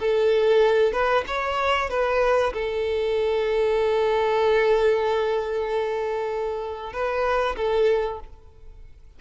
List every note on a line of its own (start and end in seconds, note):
0.00 0.93 A4
0.93 1.24 B4
1.27 1.90 C#5
1.90 2.53 B4
2.53 6.93 A4
6.93 7.56 B4
7.57 8.20 A4